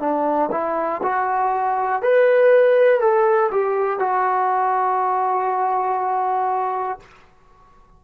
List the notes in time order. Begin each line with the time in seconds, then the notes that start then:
0.00 D4
0.51 E4
1.02 F#4
2.02 B4
3.00 A4
3.51 G4
4.00 F#4